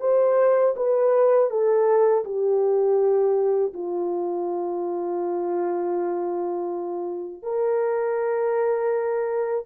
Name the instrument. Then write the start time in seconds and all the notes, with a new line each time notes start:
horn
0.00 C5
0.76 B4
1.50 A4
2.24 G4
3.73 F4
7.42 A#4